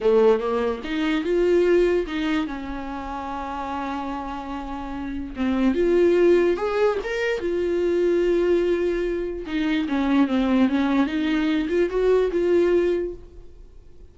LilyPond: \new Staff \with { instrumentName = "viola" } { \time 4/4 \tempo 4 = 146 a4 ais4 dis'4 f'4~ | f'4 dis'4 cis'2~ | cis'1~ | cis'4 c'4 f'2 |
gis'4 ais'4 f'2~ | f'2. dis'4 | cis'4 c'4 cis'4 dis'4~ | dis'8 f'8 fis'4 f'2 | }